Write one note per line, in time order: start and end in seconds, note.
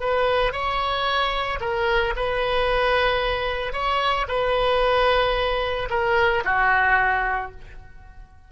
0.00 0.52 B4
0.52 1.59 C#5
1.60 2.14 A#4
2.16 3.73 B4
3.73 4.26 C#5
4.28 5.89 B4
5.90 6.43 A#4
6.44 7.51 F#4